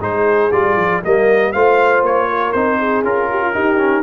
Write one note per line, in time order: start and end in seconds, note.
0.00 0.50 G#3
0.00 0.51 D#4
0.00 1.02 G#4
0.00 0.52 C5
0.52 0.76 G3
0.52 1.03 F4
0.52 1.02 D5
0.76 1.01 F3
1.04 1.55 G3
1.04 1.55 A#3
1.04 1.52 A#4
1.04 1.52 D#5
1.52 2.02 A3
1.52 2.55 F4
1.52 2.28 C5
1.52 2.02 F5
2.02 2.53 A#3
2.02 2.52 C#5
2.29 2.79 A#4
2.52 3.03 C4
2.52 3.04 D#4
2.52 3.02 C5
2.79 3.29 G#4
3.03 3.54 C#4
3.03 3.54 F4
3.03 4.03 A#4
3.30 3.41 G4
3.41 3.54 F4
3.54 3.77 D#4
3.54 4.03 D#4
3.54 4.03 G4
3.77 4.03 C#4